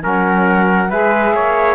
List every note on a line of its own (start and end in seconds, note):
0.00 0.91 F#3
0.00 0.87 C#4
0.00 0.89 A#4
0.00 0.90 F#5
0.89 1.34 G#3
0.89 1.75 G#4
0.89 1.33 B4
0.89 1.75 E5
1.34 1.75 A#3
1.34 1.75 C#5